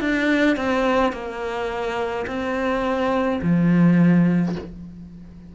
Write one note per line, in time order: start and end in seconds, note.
0.00 0.56 D4
0.56 1.12 C4
1.12 2.25 A#3
2.26 3.40 C4
3.42 4.55 F3